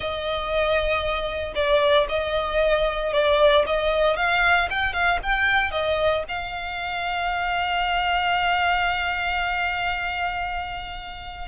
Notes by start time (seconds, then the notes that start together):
0.00 D#5
1.55 D5
2.08 D#5
3.13 D5
3.66 D#5
4.16 F5
4.70 G5
4.93 F5
5.22 G5
5.71 D#5
6.28 F5